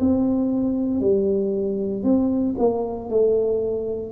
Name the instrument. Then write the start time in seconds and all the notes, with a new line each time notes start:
tuba
0.00 C4
1.01 G3
2.03 C4
2.59 A#3
3.09 A3